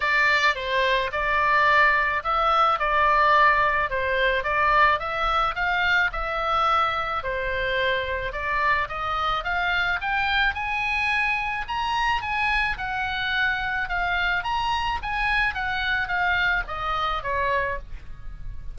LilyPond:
\new Staff \with { instrumentName = "oboe" } { \time 4/4 \tempo 4 = 108 d''4 c''4 d''2 | e''4 d''2 c''4 | d''4 e''4 f''4 e''4~ | e''4 c''2 d''4 |
dis''4 f''4 g''4 gis''4~ | gis''4 ais''4 gis''4 fis''4~ | fis''4 f''4 ais''4 gis''4 | fis''4 f''4 dis''4 cis''4 | }